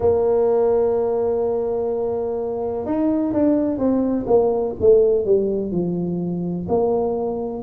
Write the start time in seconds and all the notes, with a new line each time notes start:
0.00 A#3
2.85 D#4
3.32 D4
3.77 C4
4.26 A#3
4.80 A3
5.25 G3
5.71 F3
6.68 A#3